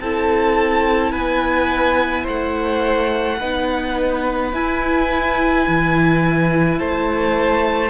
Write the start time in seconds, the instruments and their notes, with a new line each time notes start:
0.00 cello C4, viola E4, violin A4 A5
1.11 cello B3, violin B4 G#5
2.23 cello A3, violin C5 F#5
3.39 cello B3, viola D#4, violin B4
4.52 viola E4, cello E4, violin G#5
5.67 cello E3
6.79 cello A3, violin C5 A5